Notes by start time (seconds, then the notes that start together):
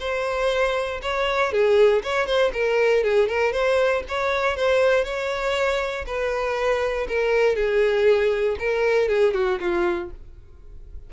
0.00 C5
1.02 C#5
1.52 G#4
2.03 C#5
2.26 C5
2.53 A#4
3.03 G#4
3.28 A#4
3.52 C5
4.08 C#5
4.56 C5
5.04 C#5
6.06 B4
7.08 A#4
7.56 G#4
8.59 A#4
9.08 G#4
9.34 F#4
9.60 F4